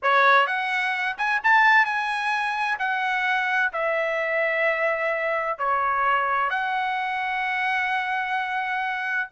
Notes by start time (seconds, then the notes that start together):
0.02 C#5
0.46 F#5
1.17 G#5
1.43 A5
1.85 G#5
2.78 F#5
3.72 E5
5.58 C#5
6.50 F#5